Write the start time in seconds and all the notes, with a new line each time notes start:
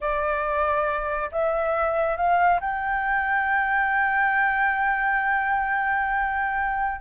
0.00 D5
1.31 E5
2.16 F5
2.60 G5